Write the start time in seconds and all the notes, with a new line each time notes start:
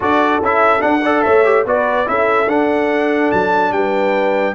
0.00 D4 F#4 A4 D5
0.40 C#4 E4 E5
0.79 D4 F#5
1.01 A4 D5
1.22 A3 C#5 E5
1.44 G4
1.65 B3 F#4 B4 D5
2.06 C#4 E4 A4 E5
2.47 D4 F#5
3.31 F#3 A5
3.71 G3 B4 G5